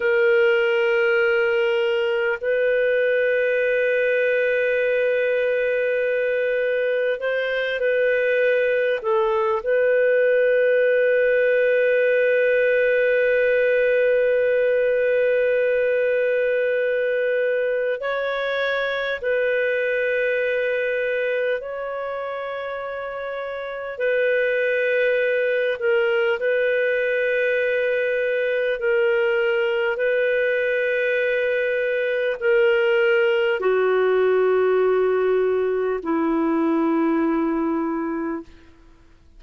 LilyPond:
\new Staff \with { instrumentName = "clarinet" } { \time 4/4 \tempo 4 = 50 ais'2 b'2~ | b'2 c''8 b'4 a'8 | b'1~ | b'2. cis''4 |
b'2 cis''2 | b'4. ais'8 b'2 | ais'4 b'2 ais'4 | fis'2 e'2 | }